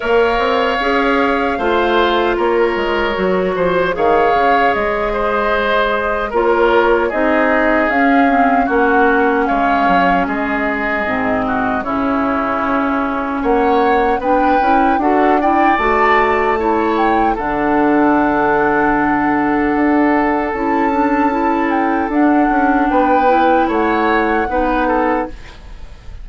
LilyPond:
<<
  \new Staff \with { instrumentName = "flute" } { \time 4/4 \tempo 4 = 76 f''2. cis''4~ | cis''4 f''4 dis''2 | cis''4 dis''4 f''4 fis''4 | f''4 dis''2 cis''4~ |
cis''4 fis''4 g''4 fis''8 g''8 | a''4. g''8 fis''2~ | fis''2 a''4. g''8 | fis''4 g''4 fis''2 | }
  \new Staff \with { instrumentName = "oboe" } { \time 4/4 cis''2 c''4 ais'4~ | ais'8 c''8 cis''4. c''4. | ais'4 gis'2 fis'4 | cis''4 gis'4. fis'8 e'4~ |
e'4 cis''4 b'4 a'8 d''8~ | d''4 cis''4 a'2~ | a'1~ | a'4 b'4 cis''4 b'8 a'8 | }
  \new Staff \with { instrumentName = "clarinet" } { \time 4/4 ais'4 gis'4 f'2 | fis'4 gis'2. | f'4 dis'4 cis'8 c'8 cis'4~ | cis'2 c'4 cis'4~ |
cis'2 d'8 e'8 fis'8 e'8 | fis'4 e'4 d'2~ | d'2 e'8 d'8 e'4 | d'4. e'4. dis'4 | }
  \new Staff \with { instrumentName = "bassoon" } { \time 4/4 ais8 c'8 cis'4 a4 ais8 gis8 | fis8 f8 dis8 cis8 gis2 | ais4 c'4 cis'4 ais4 | gis8 fis8 gis4 gis,4 cis4~ |
cis4 ais4 b8 cis'8 d'4 | a2 d2~ | d4 d'4 cis'2 | d'8 cis'8 b4 a4 b4 | }
>>